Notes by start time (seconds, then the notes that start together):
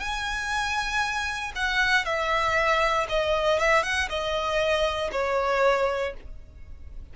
0.00 G#5
1.56 F#5
2.05 E5
3.09 D#5
3.60 E5
3.83 F#5
4.09 D#5
5.12 C#5